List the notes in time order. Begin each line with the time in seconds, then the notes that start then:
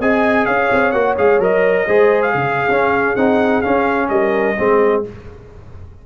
0.00 C4 G#4 D#5 G#5
0.46 C#4 C#5 F5
0.72 C4
0.92 A#3 F#4 F#5
1.18 G#3 G#4 F5
1.39 F#3 A#4 D#5
1.87 G#3 G#4 C5
2.22 F5
2.32 C#3 G#4
2.68 C#4
3.16 C4 D#4 F#5
3.62 C#4 F5
4.09 G3 A#4 D#5
4.57 G#3 C4 G#4